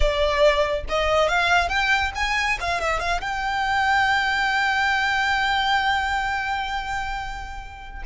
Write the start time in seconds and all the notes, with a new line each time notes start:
0.00 D5
0.88 D#5
1.28 F5
1.69 G5
2.15 G#5
2.60 F5
2.80 E5
2.99 F5
3.20 G5